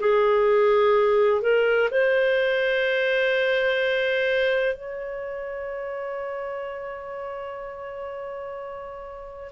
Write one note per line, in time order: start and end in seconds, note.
0.00 1.41 G#4
1.41 1.89 A#4
1.90 4.75 C5
4.75 9.51 C#5